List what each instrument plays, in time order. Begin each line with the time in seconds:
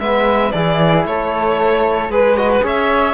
0.00 cello G#3, trombone B3, flute B4, violin E5
0.52 cello E3, trombone E4, flute G#4, violin D5
1.05 cello A3, flute A4, violin C#5
2.09 cello G#3, trombone G#4, violin B4, flute B4
2.37 trombone F#4, violin D#5
2.52 violin B4
2.62 cello C#4, trombone G#4, flute C#5, violin E5